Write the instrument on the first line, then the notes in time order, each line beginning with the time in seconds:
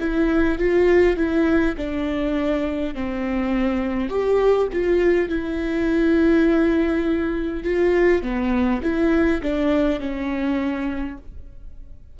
viola
0.00 E4
0.59 F4
1.17 E4
1.77 D4
2.95 C4
4.09 G4
4.73 F4
5.29 E4
7.64 F4
8.22 B3
8.83 E4
9.42 D4
10.00 C#4